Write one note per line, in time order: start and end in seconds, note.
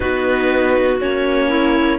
0.00 1.00 B3
0.00 0.99 D#4
0.00 1.48 F#4
0.00 0.98 B4
1.00 1.99 A#3
1.00 1.99 C#4
1.00 1.99 C#5
1.48 1.97 E4